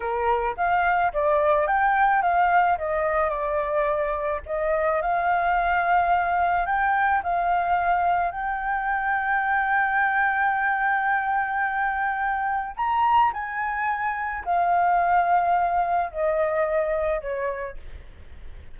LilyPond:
\new Staff \with { instrumentName = "flute" } { \time 4/4 \tempo 4 = 108 ais'4 f''4 d''4 g''4 | f''4 dis''4 d''2 | dis''4 f''2. | g''4 f''2 g''4~ |
g''1~ | g''2. ais''4 | gis''2 f''2~ | f''4 dis''2 cis''4 | }